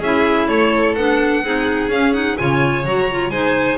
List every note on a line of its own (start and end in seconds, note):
0.00 0.48 C#4
0.00 0.98 E4
0.00 0.47 G#4
0.00 0.48 E5
0.48 0.96 A3
0.48 1.44 A4
0.48 0.95 C#5
0.95 1.43 B3
0.95 1.44 D4
0.95 1.90 F#5
1.43 1.89 C4
1.43 1.91 D#4
1.43 2.39 G#4
1.89 2.36 C#4
1.89 2.14 C#4
1.89 2.14 F5
2.14 2.37 D#4
2.14 2.37 F#5
2.37 2.85 C#3
2.37 2.85 F4
2.37 3.31 C#5
2.37 2.85 G#5
2.85 3.30 F#3
2.85 3.09 F#4
2.85 3.30 A#5
3.11 3.32 F4
3.30 3.77 G#3
3.30 3.79 D#4
3.30 3.79 C5
3.30 3.77 G#5